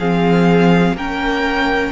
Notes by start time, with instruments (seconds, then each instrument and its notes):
0.00 cello F3, viola C4, violin G#4 F5
0.94 cello A#3, viola C#4, violin A#4 G5